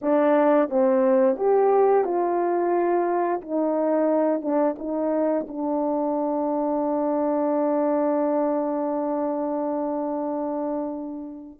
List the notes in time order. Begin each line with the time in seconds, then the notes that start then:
0.01 D4
0.69 C4
1.36 G4
2.04 F4
3.41 D#4
4.41 D4
4.78 D#4
5.48 D4